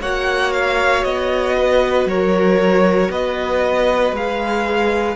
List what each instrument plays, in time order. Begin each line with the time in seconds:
0.00 cello A#3, viola F#4, violin C#5 F#5
0.53 violin F5
1.04 cello B3, violin D#5
1.58 violin B4
2.06 cello F#3, violin A#4 C#5
3.10 cello B3, violin B4 D#5
4.12 cello G#3, viola G#4, violin F5